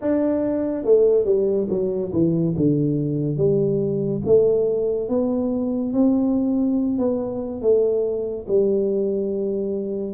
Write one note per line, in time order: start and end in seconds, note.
0.01 0.84 D4
0.84 1.25 A3
1.25 1.67 G3
1.69 2.11 F#3
2.12 2.55 E3
2.56 3.36 D3
3.36 4.21 G3
4.25 5.08 A3
5.08 5.93 B3
5.93 6.98 C4
6.98 7.61 B3
7.61 8.46 A3
8.47 10.13 G3